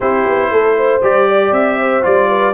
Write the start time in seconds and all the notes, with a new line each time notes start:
0.00 C4 E4 G4 C5
0.25 B3
0.50 A3 A4
0.76 C5
1.02 G3 G4 D5
1.27 D5
1.51 C4 E5
1.79 C5
2.02 G3 F4 D5
2.28 B4